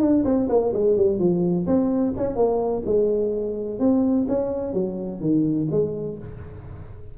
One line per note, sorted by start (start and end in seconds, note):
0.00 0.24 D4
0.25 0.48 C4
0.49 0.73 A#3
0.74 0.97 G#3
0.97 1.19 G3
1.19 1.66 F3
1.67 2.14 C4
2.17 2.36 C#4
2.36 2.83 A#3
2.86 3.79 G#3
3.79 4.26 C4
4.28 4.74 C#4
4.74 5.21 F#3
5.21 5.68 D#3
5.71 6.18 G#3